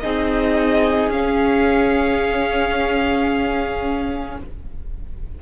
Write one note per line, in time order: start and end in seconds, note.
0.00 1.08 C4
0.00 1.11 D#4
0.00 4.38 G#4
0.00 1.09 D#5
1.08 4.36 C#4
1.08 4.39 F5
1.15 4.42 C#4